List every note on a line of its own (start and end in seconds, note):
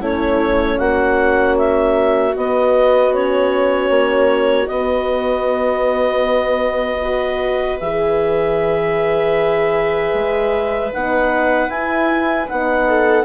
0.00 0.79 A3
0.00 2.34 C#4
0.00 0.78 E4
0.00 0.78 C#5
0.78 2.35 A#3
0.78 7.01 F#4
0.78 1.56 F#5
1.57 2.35 E5
2.34 3.12 B3
2.34 3.89 B3
2.34 3.14 D#5
3.12 4.68 C#4
3.12 4.67 C#5
3.89 4.67 A#3
4.67 7.01 B3
4.67 7.80 B3
4.67 7.79 D#5
7.01 7.79 F#4
7.01 12.87 B4
7.80 10.13 E3
7.80 10.93 G#4
7.80 10.91 E5
10.13 10.91 G#3
10.93 11.68 B3
10.93 11.69 D#4
10.93 11.70 F#5
11.68 12.46 E4
11.68 12.47 E4
11.68 12.48 G#5
12.47 13.25 B3
12.47 13.25 D#4
12.47 13.25 F#5
12.87 13.25 A4